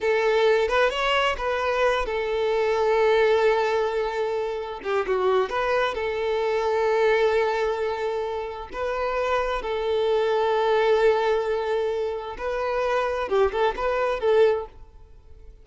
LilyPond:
\new Staff \with { instrumentName = "violin" } { \time 4/4 \tempo 4 = 131 a'4. b'8 cis''4 b'4~ | b'8 a'2.~ a'8~ | a'2~ a'8 g'8 fis'4 | b'4 a'2.~ |
a'2. b'4~ | b'4 a'2.~ | a'2. b'4~ | b'4 g'8 a'8 b'4 a'4 | }